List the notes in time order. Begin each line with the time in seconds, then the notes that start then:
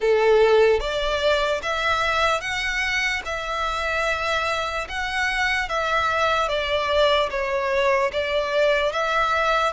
0.00 A4
0.80 D5
1.62 E5
2.41 F#5
3.25 E5
4.89 F#5
5.68 E5
6.48 D5
7.30 C#5
8.12 D5
8.92 E5